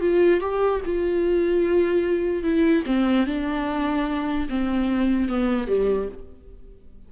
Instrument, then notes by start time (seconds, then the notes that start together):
viola
0.00 F4
0.40 G4
0.85 F4
2.43 E4
2.86 C4
3.26 D4
4.49 C4
5.28 B3
5.67 G3